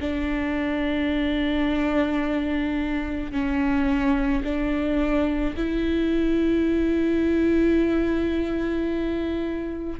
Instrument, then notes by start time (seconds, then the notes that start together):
viola
0.00 D4
3.32 C#4
4.44 D4
5.56 E4